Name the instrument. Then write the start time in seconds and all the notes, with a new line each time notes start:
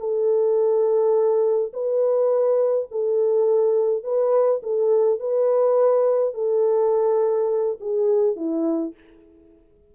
horn
0.00 A4
1.74 B4
2.92 A4
4.04 B4
4.63 A4
5.20 B4
6.34 A4
7.81 G#4
8.37 E4